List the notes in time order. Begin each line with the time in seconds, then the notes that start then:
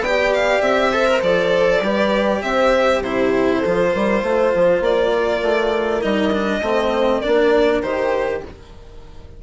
0.00 B3 G4 D5 G5
0.34 F5
0.61 C4 E5
0.93 A4 C5
1.06 A#4
1.22 F3 A4 D5
1.81 G3 G4 B4
2.42 C4 C5 E5
3.02 C3 E4 G4 C5
3.60 F4 A4
3.66 F3
3.93 G3 A#4
4.22 A3 C5
4.55 F3
4.81 A#3 D5
5.13 A#4
5.43 A3
6.02 G3 D#4 D#5
6.33 D4
6.61 A3 C4 C5
7.20 D4 A#4 D5
7.27 A#3
7.82 D#3 G4 C5